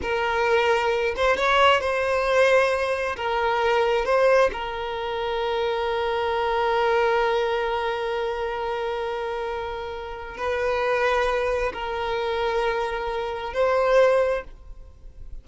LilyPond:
\new Staff \with { instrumentName = "violin" } { \time 4/4 \tempo 4 = 133 ais'2~ ais'8 c''8 cis''4 | c''2. ais'4~ | ais'4 c''4 ais'2~ | ais'1~ |
ais'1~ | ais'2. b'4~ | b'2 ais'2~ | ais'2 c''2 | }